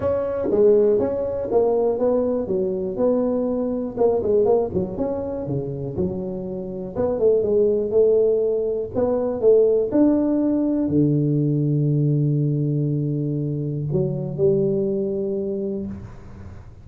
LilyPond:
\new Staff \with { instrumentName = "tuba" } { \time 4/4 \tempo 4 = 121 cis'4 gis4 cis'4 ais4 | b4 fis4 b2 | ais8 gis8 ais8 fis8 cis'4 cis4 | fis2 b8 a8 gis4 |
a2 b4 a4 | d'2 d2~ | d1 | fis4 g2. | }